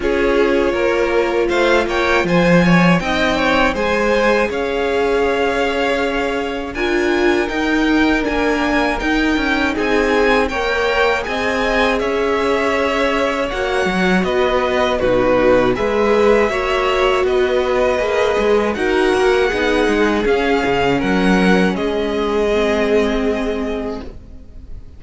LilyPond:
<<
  \new Staff \with { instrumentName = "violin" } { \time 4/4 \tempo 4 = 80 cis''2 f''8 g''8 gis''4 | g''4 gis''4 f''2~ | f''4 gis''4 g''4 gis''4 | g''4 gis''4 g''4 gis''4 |
e''2 fis''4 dis''4 | b'4 e''2 dis''4~ | dis''4 fis''2 f''4 | fis''4 dis''2. | }
  \new Staff \with { instrumentName = "violin" } { \time 4/4 gis'4 ais'4 c''8 cis''8 c''8 cis''8 | dis''8 cis''8 c''4 cis''2~ | cis''4 ais'2.~ | ais'4 gis'4 cis''4 dis''4 |
cis''2. b'4 | fis'4 b'4 cis''4 b'4~ | b'4 ais'4 gis'2 | ais'4 gis'2. | }
  \new Staff \with { instrumentName = "viola" } { \time 4/4 f'1 | dis'4 gis'2.~ | gis'4 f'4 dis'4 d'4 | dis'2 ais'4 gis'4~ |
gis'2 fis'2 | dis'4 gis'4 fis'2 | gis'4 fis'4 dis'4 cis'4~ | cis'2 c'2 | }
  \new Staff \with { instrumentName = "cello" } { \time 4/4 cis'4 ais4 a8 ais8 f4 | c'4 gis4 cis'2~ | cis'4 d'4 dis'4 ais4 | dis'8 cis'8 c'4 ais4 c'4 |
cis'2 ais8 fis8 b4 | b,4 gis4 ais4 b4 | ais8 gis8 dis'8 ais8 b8 gis8 cis'8 cis8 | fis4 gis2. | }
>>